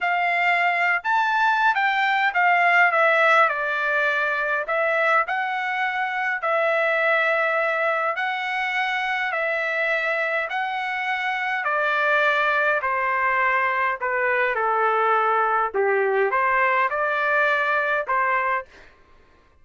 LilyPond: \new Staff \with { instrumentName = "trumpet" } { \time 4/4 \tempo 4 = 103 f''4.~ f''16 a''4~ a''16 g''4 | f''4 e''4 d''2 | e''4 fis''2 e''4~ | e''2 fis''2 |
e''2 fis''2 | d''2 c''2 | b'4 a'2 g'4 | c''4 d''2 c''4 | }